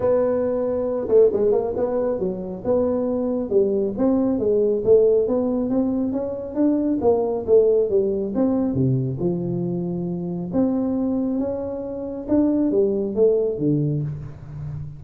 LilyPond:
\new Staff \with { instrumentName = "tuba" } { \time 4/4 \tempo 4 = 137 b2~ b8 a8 gis8 ais8 | b4 fis4 b2 | g4 c'4 gis4 a4 | b4 c'4 cis'4 d'4 |
ais4 a4 g4 c'4 | c4 f2. | c'2 cis'2 | d'4 g4 a4 d4 | }